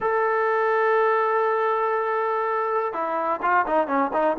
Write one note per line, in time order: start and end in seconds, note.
0.00 2.93 A4
2.93 3.40 E4
3.41 3.65 F4
3.67 3.87 D#4
3.87 4.10 C#4
4.13 4.36 D#4